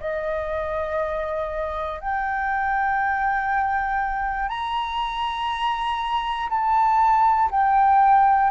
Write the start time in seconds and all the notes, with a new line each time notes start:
0.00 D#5
2.00 G5
4.49 A#5
6.50 A5
7.51 G5